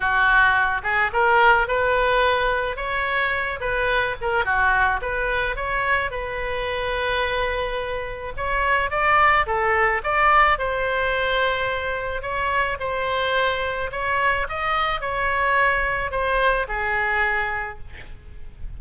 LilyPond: \new Staff \with { instrumentName = "oboe" } { \time 4/4 \tempo 4 = 108 fis'4. gis'8 ais'4 b'4~ | b'4 cis''4. b'4 ais'8 | fis'4 b'4 cis''4 b'4~ | b'2. cis''4 |
d''4 a'4 d''4 c''4~ | c''2 cis''4 c''4~ | c''4 cis''4 dis''4 cis''4~ | cis''4 c''4 gis'2 | }